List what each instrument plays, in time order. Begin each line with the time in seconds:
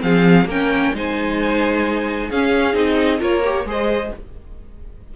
0.00 cello F3, viola C4, violin G#4 F5
0.45 cello A#3, viola C#4, violin A#4 G5
0.93 cello G#3, viola D#4, violin C5 G#5
2.28 cello C#4, viola C#4, violin G#4 F5
2.73 cello C4, viola D#4, violin D#5
3.19 cello A#3, viola F4, violin A#4 C#5
3.43 viola G4
3.64 cello G#3, viola G#4, violin C5 D#5